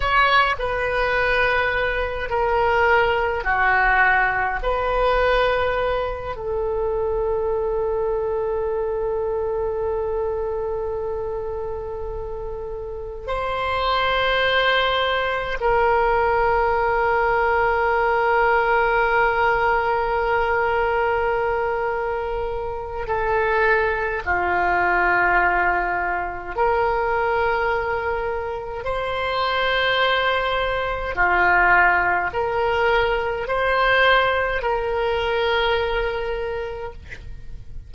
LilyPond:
\new Staff \with { instrumentName = "oboe" } { \time 4/4 \tempo 4 = 52 cis''8 b'4. ais'4 fis'4 | b'4. a'2~ a'8~ | a'2.~ a'8 c''8~ | c''4. ais'2~ ais'8~ |
ais'1 | a'4 f'2 ais'4~ | ais'4 c''2 f'4 | ais'4 c''4 ais'2 | }